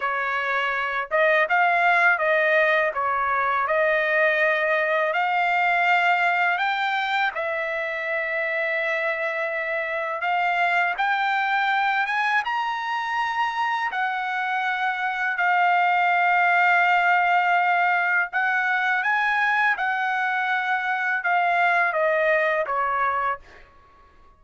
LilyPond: \new Staff \with { instrumentName = "trumpet" } { \time 4/4 \tempo 4 = 82 cis''4. dis''8 f''4 dis''4 | cis''4 dis''2 f''4~ | f''4 g''4 e''2~ | e''2 f''4 g''4~ |
g''8 gis''8 ais''2 fis''4~ | fis''4 f''2.~ | f''4 fis''4 gis''4 fis''4~ | fis''4 f''4 dis''4 cis''4 | }